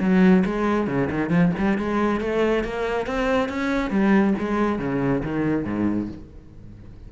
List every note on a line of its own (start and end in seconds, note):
0.00 0.43 F#3
0.45 0.87 G#3
0.87 1.09 C#3
1.10 1.29 D#3
1.29 1.51 F3
1.58 1.78 G3
1.78 2.20 G#3
2.20 2.64 A3
2.64 3.06 A#3
3.06 3.49 C4
3.49 3.90 C#4
3.90 4.34 G3
4.38 4.79 G#3
4.79 5.22 C#3
5.23 5.65 D#3
5.65 6.08 G#2